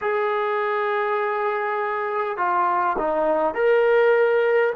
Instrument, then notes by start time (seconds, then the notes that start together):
trombone
0.01 G#4
2.37 F4
2.98 D#4
3.54 A#4